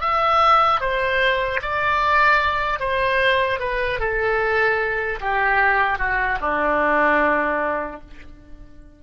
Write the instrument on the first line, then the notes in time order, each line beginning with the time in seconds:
oboe
0.00 E5
0.80 C5
1.61 D5
2.79 C5
3.59 B4
3.99 A4
5.20 G4
5.98 F#4
6.40 D4